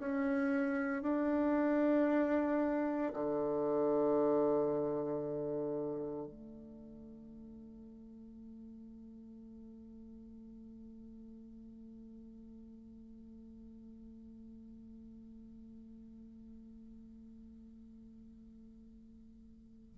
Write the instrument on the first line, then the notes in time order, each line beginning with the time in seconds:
bassoon
0.00 C#4
1.03 D4
3.14 D3
6.28 A3